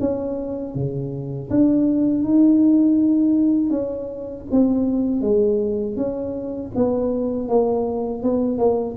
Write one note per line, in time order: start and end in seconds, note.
0.00 0.75 C#4
0.75 1.50 C#3
1.50 2.24 D4
2.24 3.70 D#4
3.70 4.45 C#4
4.51 5.21 C4
5.21 5.96 G#3
5.97 6.72 C#4
6.75 7.48 B3
7.48 8.23 A#3
8.23 8.58 B3
8.58 8.95 A#3